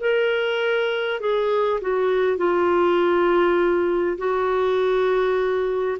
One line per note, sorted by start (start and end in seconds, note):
0.00 1.20 A#4
1.21 1.81 G#4
1.81 2.37 F#4
2.37 4.17 F4
4.18 5.98 F#4